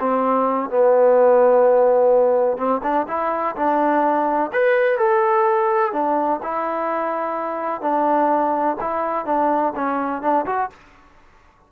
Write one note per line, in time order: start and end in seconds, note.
0.00 0.70 C4
0.70 2.58 B3
2.58 2.81 C4
2.83 3.07 D4
3.08 3.55 E4
3.56 4.52 D4
4.53 4.98 B4
4.98 5.93 A4
5.93 6.41 D4
6.43 7.82 E4
7.82 8.77 D4
8.81 9.26 E4
9.26 9.73 D4
9.76 10.22 C#4
10.22 10.46 D4
10.46 10.70 F#4